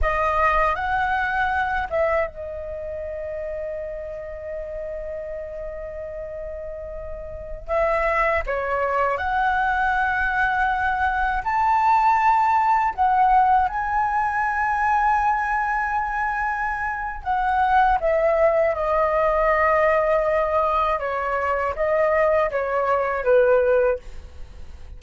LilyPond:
\new Staff \with { instrumentName = "flute" } { \time 4/4 \tempo 4 = 80 dis''4 fis''4. e''8 dis''4~ | dis''1~ | dis''2~ dis''16 e''4 cis''8.~ | cis''16 fis''2. a''8.~ |
a''4~ a''16 fis''4 gis''4.~ gis''16~ | gis''2. fis''4 | e''4 dis''2. | cis''4 dis''4 cis''4 b'4 | }